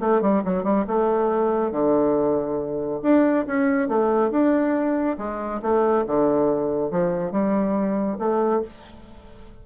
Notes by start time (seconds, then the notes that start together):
0.00 A3
0.22 G3
0.45 F#3
0.64 G3
0.87 A3
1.71 D3
3.03 D4
3.47 C#4
3.88 A3
4.31 D4
5.18 G#3
5.62 A3
6.07 D3
6.91 F3
7.32 G3
8.19 A3